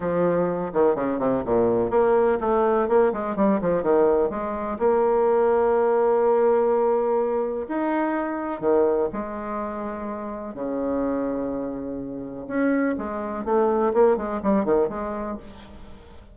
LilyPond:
\new Staff \with { instrumentName = "bassoon" } { \time 4/4 \tempo 4 = 125 f4. dis8 cis8 c8 ais,4 | ais4 a4 ais8 gis8 g8 f8 | dis4 gis4 ais2~ | ais1 |
dis'2 dis4 gis4~ | gis2 cis2~ | cis2 cis'4 gis4 | a4 ais8 gis8 g8 dis8 gis4 | }